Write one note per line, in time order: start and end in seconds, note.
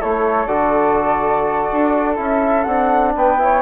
0.00 0.47 A3
0.00 0.48 E4
0.00 3.15 A4
0.00 0.47 C#5
0.47 1.68 D3
0.47 2.16 F#4
0.47 2.16 D5
1.72 2.19 D4
2.16 2.67 C#4
2.16 2.65 E4
2.16 2.64 E5
2.64 3.15 C4
2.64 3.39 D4
2.64 3.12 F#5
3.16 3.62 B3
3.16 3.42 B4
3.16 3.62 G5
3.39 3.62 E4
3.39 3.62 C#5